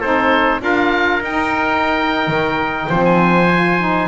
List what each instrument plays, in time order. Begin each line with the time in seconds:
0.00 double bass C4, saxophone D#4, trumpet A4, oboe C5
0.60 double bass D4, saxophone F4, trumpet A#4, oboe F5
1.21 double bass D#4, oboe G5
1.28 saxophone D#4
2.27 double bass D#3
2.89 double bass F3, saxophone C4, trumpet C5
3.05 oboe G#5
3.54 saxophone F4
3.79 saxophone D#4